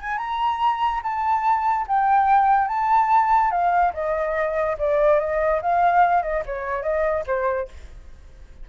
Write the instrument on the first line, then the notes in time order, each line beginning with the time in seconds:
flute
0.00 G#5
0.18 A#5
1.03 A5
1.87 G5
2.68 A5
3.51 F5
3.93 D#5
4.78 D5
5.19 D#5
5.61 F5
6.23 D#5
6.46 C#5
6.83 D#5
7.27 C5